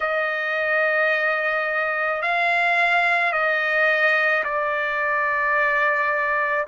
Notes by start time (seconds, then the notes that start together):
0.00 D#5
2.22 F5
3.32 D#5
4.44 D5